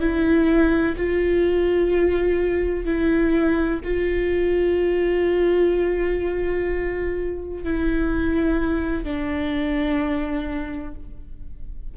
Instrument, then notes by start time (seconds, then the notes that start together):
viola
0.00 E4
0.97 F4
2.85 E4
3.84 F4
7.64 E4
9.03 D4